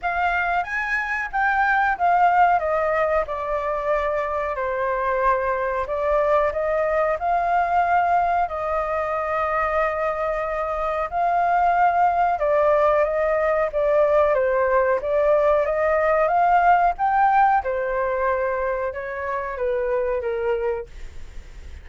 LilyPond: \new Staff \with { instrumentName = "flute" } { \time 4/4 \tempo 4 = 92 f''4 gis''4 g''4 f''4 | dis''4 d''2 c''4~ | c''4 d''4 dis''4 f''4~ | f''4 dis''2.~ |
dis''4 f''2 d''4 | dis''4 d''4 c''4 d''4 | dis''4 f''4 g''4 c''4~ | c''4 cis''4 b'4 ais'4 | }